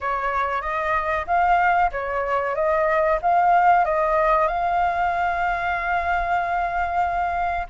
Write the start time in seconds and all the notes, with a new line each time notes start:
0.00 C#5
0.61 D#5
1.26 F5
1.91 C#5
2.55 D#5
3.22 F5
3.85 D#5
4.47 F5